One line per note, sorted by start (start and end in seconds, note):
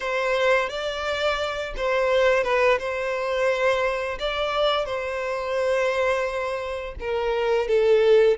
0.00 0.69 C5
0.69 1.73 D5
1.76 2.43 C5
2.43 2.78 B4
2.78 4.18 C5
4.19 4.85 D5
4.85 6.94 C5
7.00 7.67 A#4
7.67 8.37 A4